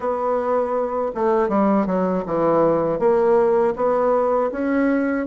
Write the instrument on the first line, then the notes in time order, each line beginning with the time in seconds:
bassoon
0.00 B3
1.15 A3
1.48 G3
1.86 F#3
2.25 E3
2.99 A#3
3.75 B3
4.51 C#4